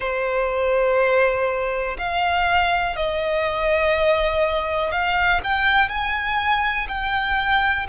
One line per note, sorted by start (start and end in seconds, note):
0.00 1.97 C5
1.98 2.96 F5
2.96 4.91 D#5
4.91 5.41 F5
5.43 5.88 G5
5.88 6.87 G#5
6.88 7.86 G5